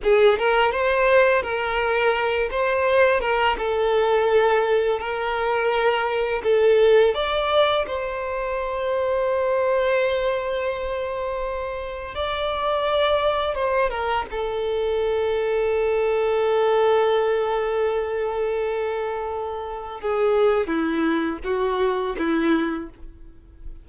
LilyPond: \new Staff \with { instrumentName = "violin" } { \time 4/4 \tempo 4 = 84 gis'8 ais'8 c''4 ais'4. c''8~ | c''8 ais'8 a'2 ais'4~ | ais'4 a'4 d''4 c''4~ | c''1~ |
c''4 d''2 c''8 ais'8 | a'1~ | a'1 | gis'4 e'4 fis'4 e'4 | }